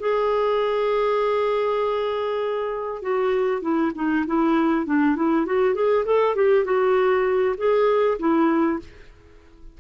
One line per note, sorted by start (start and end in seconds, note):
0.00 3.02 G#4
3.02 3.62 F#4
3.62 3.92 E4
3.95 4.25 D#4
4.27 4.86 E4
4.86 5.16 D4
5.16 5.46 E4
5.46 5.75 F#4
5.75 6.05 G#4
6.05 6.35 A4
6.35 6.65 G4
6.65 7.56 F#4
7.57 8.18 G#4
8.19 8.80 E4